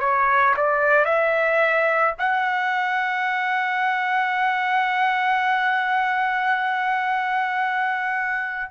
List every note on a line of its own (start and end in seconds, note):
0.00 0.55 C#5
0.57 1.05 D5
1.05 2.14 E5
2.19 8.71 F#5